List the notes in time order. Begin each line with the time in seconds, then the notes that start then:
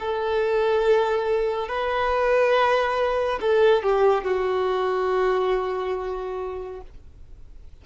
0.00 A4
1.68 B4
3.41 A4
3.83 G4
4.24 F#4